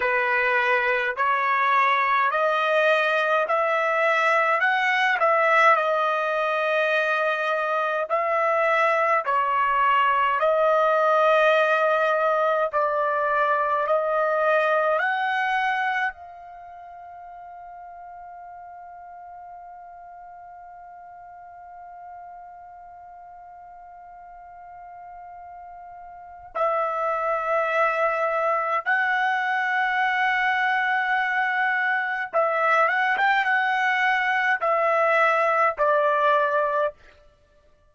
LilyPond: \new Staff \with { instrumentName = "trumpet" } { \time 4/4 \tempo 4 = 52 b'4 cis''4 dis''4 e''4 | fis''8 e''8 dis''2 e''4 | cis''4 dis''2 d''4 | dis''4 fis''4 f''2~ |
f''1~ | f''2. e''4~ | e''4 fis''2. | e''8 fis''16 g''16 fis''4 e''4 d''4 | }